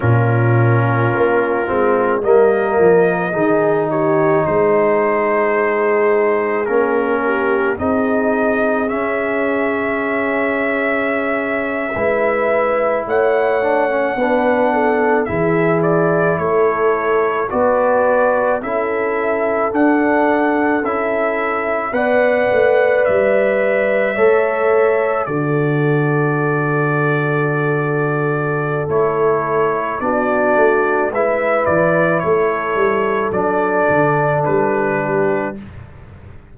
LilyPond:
<<
  \new Staff \with { instrumentName = "trumpet" } { \time 4/4 \tempo 4 = 54 ais'2 dis''4. cis''8 | c''2 ais'4 dis''4 | e''2.~ e''8. fis''16~ | fis''4.~ fis''16 e''8 d''8 cis''4 d''16~ |
d''8. e''4 fis''4 e''4 fis''16~ | fis''8. e''2 d''4~ d''16~ | d''2 cis''4 d''4 | e''8 d''8 cis''4 d''4 b'4 | }
  \new Staff \with { instrumentName = "horn" } { \time 4/4 f'2 ais'4 gis'8 g'8 | gis'2~ gis'8 g'8 gis'4~ | gis'2~ gis'8. b'4 cis''16~ | cis''8. b'8 a'8 gis'4 a'4 b'16~ |
b'8. a'2. d''16~ | d''4.~ d''16 cis''4 a'4~ a'16~ | a'2. fis'4 | b'4 a'2~ a'8 g'8 | }
  \new Staff \with { instrumentName = "trombone" } { \time 4/4 cis'4. c'8 ais4 dis'4~ | dis'2 cis'4 dis'4 | cis'2~ cis'8. e'4~ e'16~ | e'16 d'16 cis'16 d'4 e'2 fis'16~ |
fis'8. e'4 d'4 e'4 b'16~ | b'4.~ b'16 a'4 fis'4~ fis'16~ | fis'2 e'4 d'4 | e'2 d'2 | }
  \new Staff \with { instrumentName = "tuba" } { \time 4/4 ais,4 ais8 gis8 g8 f8 dis4 | gis2 ais4 c'4 | cis'2~ cis'8. gis4 a16~ | a8. b4 e4 a4 b16~ |
b8. cis'4 d'4 cis'4 b16~ | b16 a8 g4 a4 d4~ d16~ | d2 a4 b8 a8 | gis8 e8 a8 g8 fis8 d8 g4 | }
>>